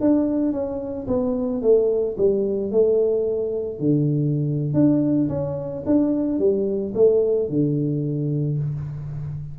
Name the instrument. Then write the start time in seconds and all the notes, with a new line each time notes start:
tuba
0.00 D4
0.52 C#4
1.07 B3
1.62 A3
2.17 G3
2.71 A3
3.79 D3
4.74 D4
5.29 C#4
5.86 D4
6.38 G3
6.94 A3
7.49 D3